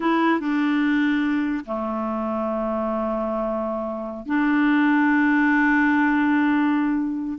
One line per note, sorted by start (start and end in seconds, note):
0.00 0.39 E4
0.39 1.64 D4
1.65 4.25 A3
4.25 7.38 D4